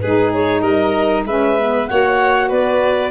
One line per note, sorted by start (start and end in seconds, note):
0.00 0.62 G#3
0.00 1.29 D#4
0.00 0.62 G#4
0.00 0.31 B4
0.34 0.61 C#5
0.61 1.25 G3
0.61 1.24 A#4
0.61 1.24 D#5
1.25 1.87 G#3
1.25 1.59 C#4
1.25 1.89 B4
1.25 1.88 E5
1.59 1.90 B3
1.88 2.52 A#3
1.88 3.12 F#4
1.88 2.49 C#5
1.88 2.50 F#5
2.49 3.12 B3
2.49 3.11 B4
2.49 3.12 D5